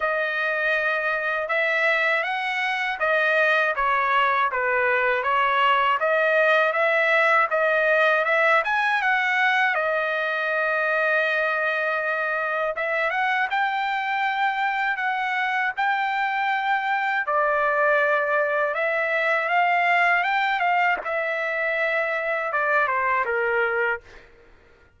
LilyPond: \new Staff \with { instrumentName = "trumpet" } { \time 4/4 \tempo 4 = 80 dis''2 e''4 fis''4 | dis''4 cis''4 b'4 cis''4 | dis''4 e''4 dis''4 e''8 gis''8 | fis''4 dis''2.~ |
dis''4 e''8 fis''8 g''2 | fis''4 g''2 d''4~ | d''4 e''4 f''4 g''8 f''8 | e''2 d''8 c''8 ais'4 | }